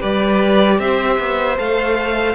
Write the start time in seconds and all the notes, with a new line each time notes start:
0.00 G3 G4 B4 D5
0.79 C4 C5 E5
1.19 B3
1.57 A3 A4 F5